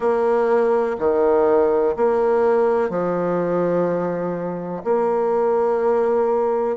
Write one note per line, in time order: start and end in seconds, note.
0.00 0.96 A#3
0.99 1.95 D#3
1.96 2.89 A#3
2.89 4.83 F3
4.84 6.76 A#3